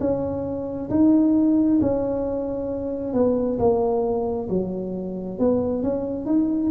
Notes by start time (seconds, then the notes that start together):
0.00 C#4
0.90 D#4
1.82 C#4
3.14 B3
3.59 A#3
4.49 F#3
5.39 B3
5.83 C#4
6.26 D#4